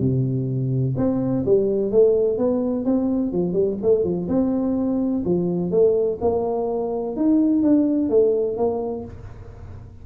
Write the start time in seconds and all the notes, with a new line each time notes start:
0.00 C3
0.97 C4
1.46 G3
1.91 A3
2.38 B3
2.85 C4
3.32 F3
3.53 G3
3.83 A3
4.04 F3
4.29 C4
5.25 F3
5.71 A3
6.21 A#3
7.16 D#4
7.63 D4
8.10 A3
8.57 A#3